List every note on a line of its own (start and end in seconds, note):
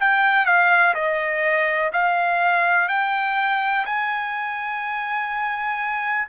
0.00 0.46 G5
0.46 0.94 F5
0.95 1.91 D#5
1.93 2.89 F5
2.89 3.85 G5
3.86 6.28 G#5